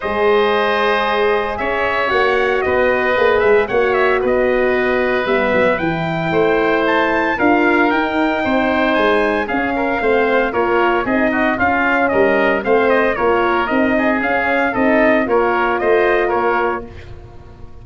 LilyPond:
<<
  \new Staff \with { instrumentName = "trumpet" } { \time 4/4 \tempo 4 = 114 dis''2. e''4 | fis''4 dis''4. e''8 fis''8 e''8 | dis''2 e''4 g''4~ | g''4 a''4 f''4 g''4~ |
g''4 gis''4 f''2 | cis''4 dis''4 f''4 dis''4 | f''8 dis''8 cis''4 dis''4 f''4 | dis''4 cis''4 dis''4 cis''4 | }
  \new Staff \with { instrumentName = "oboe" } { \time 4/4 c''2. cis''4~ | cis''4 b'2 cis''4 | b'1 | c''2 ais'2 |
c''2 gis'8 ais'8 c''4 | ais'4 gis'8 fis'8 f'4 ais'4 | c''4 ais'4. gis'4. | a'4 ais'4 c''4 ais'4 | }
  \new Staff \with { instrumentName = "horn" } { \time 4/4 gis'1 | fis'2 gis'4 fis'4~ | fis'2 b4 e'4~ | e'2 f'4 dis'4~ |
dis'2 cis'4 c'4 | f'4 dis'4 cis'2 | c'4 f'4 dis'4 cis'4 | dis'4 f'2. | }
  \new Staff \with { instrumentName = "tuba" } { \time 4/4 gis2. cis'4 | ais4 b4 ais8 gis8 ais4 | b2 g8 fis8 e4 | a2 d'4 dis'4 |
c'4 gis4 cis'4 a4 | ais4 c'4 cis'4 g4 | a4 ais4 c'4 cis'4 | c'4 ais4 a4 ais4 | }
>>